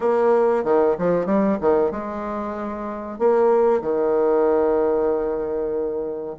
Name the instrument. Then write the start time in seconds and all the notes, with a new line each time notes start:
bassoon
0.00 A#3
0.64 D#3
0.98 F3
1.26 G3
1.60 D#3
1.91 G#3
3.19 A#3
3.81 D#3